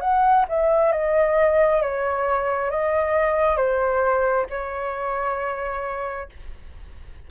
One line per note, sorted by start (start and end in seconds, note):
0.00 0.45 F#5
0.48 0.92 E5
0.92 1.81 D#5
1.81 2.70 C#5
2.70 3.56 D#5
3.56 4.46 C5
4.50 6.29 C#5